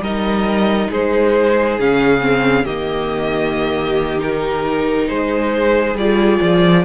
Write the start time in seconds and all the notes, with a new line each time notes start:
0.00 G3 D#4 A#4 D#5
0.91 G#3 G#4 C5
1.79 C#3 C#4 F5
2.21 C4
2.65 D#3 A#3 G4 D#5
4.19 D#4 A#4
5.09 G#3 G#4 C5
5.95 G3 F4 D5
6.42 F3